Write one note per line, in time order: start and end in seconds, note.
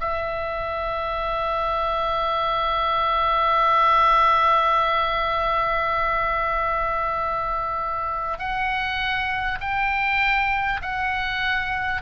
0.00 8.39 E5
8.39 9.59 F#5
9.61 10.81 G5
10.82 12.02 F#5